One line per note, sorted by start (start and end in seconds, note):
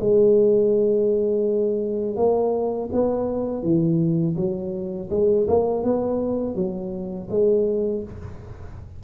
0.00 2.16 G#3
2.16 2.89 A#3
2.92 3.63 B3
3.63 4.36 E3
4.36 5.09 F#3
5.10 5.47 G#3
5.48 5.83 A#3
5.83 6.55 B3
6.55 7.28 F#3
7.30 8.04 G#3